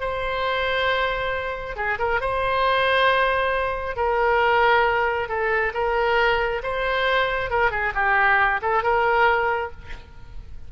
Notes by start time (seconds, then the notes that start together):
0.00 C5
1.76 G#4
1.99 A#4
2.20 C5
3.96 A#4
5.28 A4
5.74 A#4
6.63 C5
7.50 A#4
7.71 G#4
7.94 G4
8.61 A4
8.83 A#4